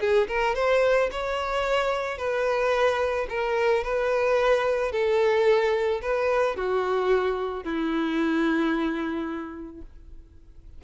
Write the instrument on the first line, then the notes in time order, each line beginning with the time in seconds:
violin
0.00 G#4
0.28 A#4
0.55 C5
1.12 C#5
2.18 B4
3.30 A#4
3.84 B4
4.92 A4
6.01 B4
6.56 F#4
7.64 E4